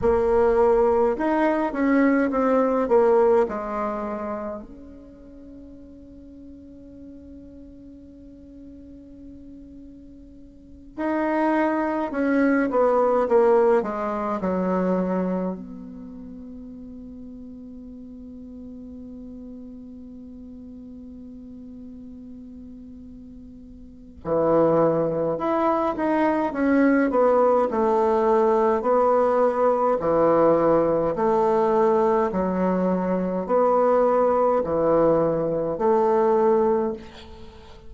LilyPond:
\new Staff \with { instrumentName = "bassoon" } { \time 4/4 \tempo 4 = 52 ais4 dis'8 cis'8 c'8 ais8 gis4 | cis'1~ | cis'4. dis'4 cis'8 b8 ais8 | gis8 fis4 b2~ b8~ |
b1~ | b4 e4 e'8 dis'8 cis'8 b8 | a4 b4 e4 a4 | fis4 b4 e4 a4 | }